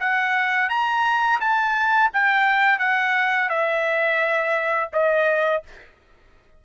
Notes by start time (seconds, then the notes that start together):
0.00 F#5
0.70 A#5
1.41 A5
2.14 G5
2.79 F#5
3.49 E5
4.93 D#5